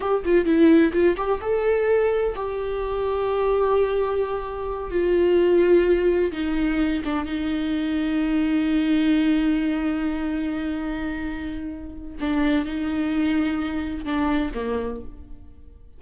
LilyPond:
\new Staff \with { instrumentName = "viola" } { \time 4/4 \tempo 4 = 128 g'8 f'8 e'4 f'8 g'8 a'4~ | a'4 g'2.~ | g'2~ g'8 f'4.~ | f'4. dis'4. d'8 dis'8~ |
dis'1~ | dis'1~ | dis'2 d'4 dis'4~ | dis'2 d'4 ais4 | }